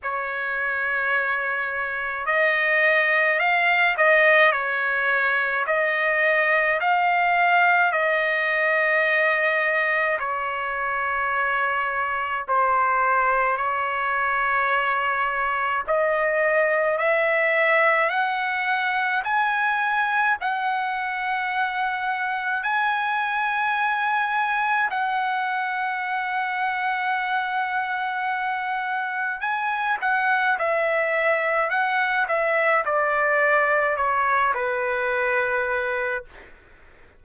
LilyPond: \new Staff \with { instrumentName = "trumpet" } { \time 4/4 \tempo 4 = 53 cis''2 dis''4 f''8 dis''8 | cis''4 dis''4 f''4 dis''4~ | dis''4 cis''2 c''4 | cis''2 dis''4 e''4 |
fis''4 gis''4 fis''2 | gis''2 fis''2~ | fis''2 gis''8 fis''8 e''4 | fis''8 e''8 d''4 cis''8 b'4. | }